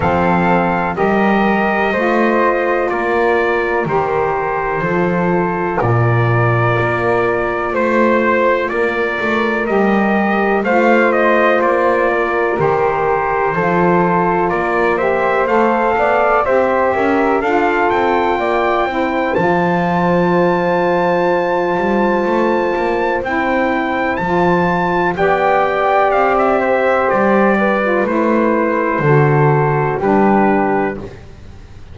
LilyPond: <<
  \new Staff \with { instrumentName = "trumpet" } { \time 4/4 \tempo 4 = 62 f''4 dis''2 d''4 | c''2 d''2 | c''4 d''4 dis''4 f''8 dis''8 | d''4 c''2 d''8 e''8 |
f''4 e''4 f''8 g''4. | a''1 | g''4 a''4 g''4 f''16 e''8. | d''4 c''2 b'4 | }
  \new Staff \with { instrumentName = "flute" } { \time 4/4 a'4 ais'4 c''4 ais'4~ | ais'4 a'4 ais'2 | c''4 ais'2 c''4~ | c''8 ais'4. a'4 ais'8 c''8~ |
c''8 d''8 c''8 ais'8 a'4 d''8 c''8~ | c''1~ | c''2 d''4. c''8~ | c''8 b'4. a'4 g'4 | }
  \new Staff \with { instrumentName = "saxophone" } { \time 4/4 c'4 g'4 f'2 | g'4 f'2.~ | f'2 g'4 f'4~ | f'4 g'4 f'4. g'8 |
a'4 g'4 f'4. e'8 | f'1 | e'4 f'4 g'2~ | g'8. f'16 e'4 fis'4 d'4 | }
  \new Staff \with { instrumentName = "double bass" } { \time 4/4 f4 g4 a4 ais4 | dis4 f4 ais,4 ais4 | a4 ais8 a8 g4 a4 | ais4 dis4 f4 ais4 |
a8 b8 c'8 cis'8 d'8 c'8 ais8 c'8 | f2~ f8 g8 a8 ais8 | c'4 f4 b4 c'4 | g4 a4 d4 g4 | }
>>